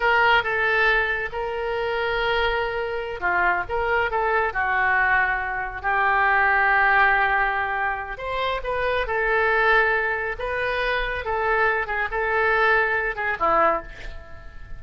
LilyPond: \new Staff \with { instrumentName = "oboe" } { \time 4/4 \tempo 4 = 139 ais'4 a'2 ais'4~ | ais'2.~ ais'8 f'8~ | f'8 ais'4 a'4 fis'4.~ | fis'4. g'2~ g'8~ |
g'2. c''4 | b'4 a'2. | b'2 a'4. gis'8 | a'2~ a'8 gis'8 e'4 | }